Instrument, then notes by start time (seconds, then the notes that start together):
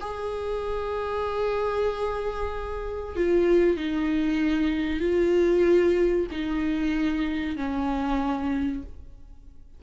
viola
0.00 G#4
3.16 F4
3.76 D#4
5.00 F4
6.31 D#4
7.56 C#4